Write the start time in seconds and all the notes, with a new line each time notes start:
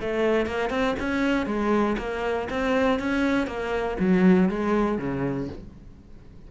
0.00 A3
0.46 A#3
0.69 C4
0.99 C#4
1.46 G#3
1.98 A#3
2.50 C4
2.99 C#4
3.47 A#3
3.99 F#3
4.49 G#3
4.98 C#3